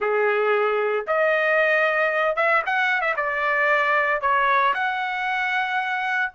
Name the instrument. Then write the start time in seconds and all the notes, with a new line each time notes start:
trumpet
0.00 G#4
1.07 D#5
2.36 E5
2.66 F#5
3.01 E5
3.16 D5
4.21 C#5
4.74 F#5